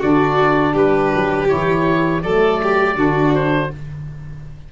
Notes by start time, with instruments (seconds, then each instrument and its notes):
0.00 tuba D3, saxophone D4, violin F#4, oboe D5
0.73 tuba G3, violin G4, oboe B4
1.15 tuba F#3
1.47 saxophone E4, oboe C#5
1.54 tuba E3
2.23 tuba F#3, saxophone A3, violin A4, oboe D5
2.63 violin G4
2.96 tuba D3, saxophone D4, violin F#4
3.34 oboe C5